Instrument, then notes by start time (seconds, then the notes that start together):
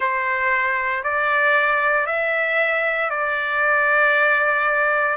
trumpet
0.00 C5
1.03 D5
2.06 E5
3.09 D5